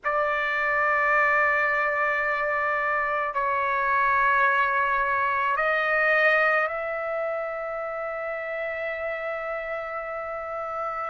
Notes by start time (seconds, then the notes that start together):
0.04 D5
3.34 C#5
5.56 D#5
6.67 E5